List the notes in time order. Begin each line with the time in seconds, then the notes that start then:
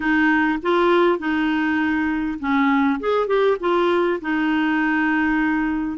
0.00 D#4
0.62 F4
1.18 D#4
2.39 C#4
3.00 G#4
3.27 G4
3.60 F4
4.21 D#4